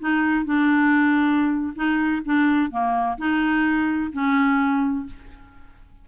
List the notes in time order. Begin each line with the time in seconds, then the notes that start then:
0.00 D#4
0.45 D4
1.76 D#4
2.25 D4
2.71 A#3
3.18 D#4
4.13 C#4